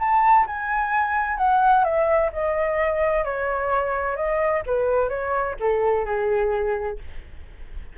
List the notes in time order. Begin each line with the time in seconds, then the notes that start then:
0.00 A5
0.47 G#5
1.38 F#5
1.85 E5
2.33 D#5
3.25 C#5
4.17 D#5
4.67 B4
5.09 C#5
5.60 A4
6.06 G#4